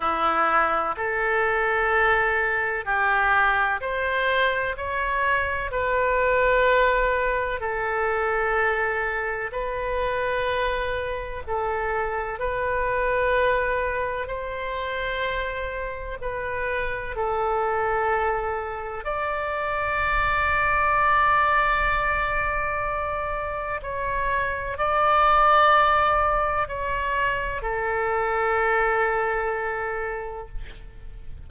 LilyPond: \new Staff \with { instrumentName = "oboe" } { \time 4/4 \tempo 4 = 63 e'4 a'2 g'4 | c''4 cis''4 b'2 | a'2 b'2 | a'4 b'2 c''4~ |
c''4 b'4 a'2 | d''1~ | d''4 cis''4 d''2 | cis''4 a'2. | }